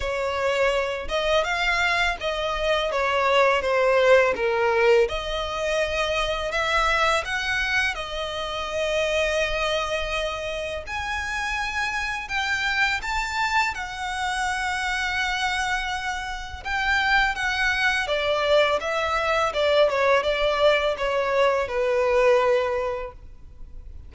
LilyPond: \new Staff \with { instrumentName = "violin" } { \time 4/4 \tempo 4 = 83 cis''4. dis''8 f''4 dis''4 | cis''4 c''4 ais'4 dis''4~ | dis''4 e''4 fis''4 dis''4~ | dis''2. gis''4~ |
gis''4 g''4 a''4 fis''4~ | fis''2. g''4 | fis''4 d''4 e''4 d''8 cis''8 | d''4 cis''4 b'2 | }